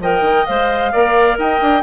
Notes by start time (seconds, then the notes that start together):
0.00 F3 A#4 D#5 G5
0.21 D#3
0.46 G#3 C5 F5
0.93 A#3 A#4 D5
1.38 D#4 D#5 G5
1.61 D4